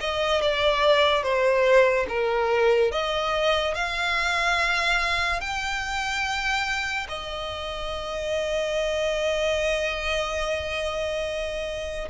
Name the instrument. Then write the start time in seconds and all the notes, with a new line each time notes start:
violin
0.00 D#5
0.41 D5
1.23 C5
2.08 A#4
2.91 D#5
3.75 F5
5.41 G5
7.08 D#5